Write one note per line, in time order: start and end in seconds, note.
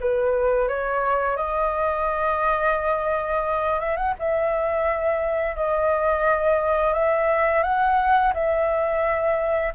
0.00 0.68 B4
0.68 1.37 C#5
1.37 3.80 D#5
3.80 3.96 E5
3.96 4.14 F#5
4.19 5.56 E5
5.56 6.93 D#5
6.93 7.63 E5
7.63 8.33 F#5
8.34 9.73 E5